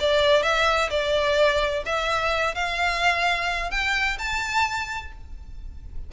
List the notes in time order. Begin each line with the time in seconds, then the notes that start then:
0.00 D5
0.43 E5
0.90 D5
1.86 E5
2.55 F5
3.71 G5
4.18 A5